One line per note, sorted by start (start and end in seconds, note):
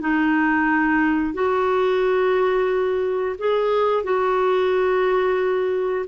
0.00 1.33 D#4
1.33 3.36 F#4
3.38 4.03 G#4
4.03 6.06 F#4